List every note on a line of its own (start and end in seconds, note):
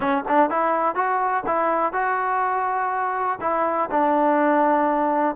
0.00 0.24 C#4
0.28 0.49 D4
0.49 0.95 E4
0.95 1.43 F#4
1.46 1.92 E4
1.92 3.39 F#4
3.41 3.89 E4
3.90 5.35 D4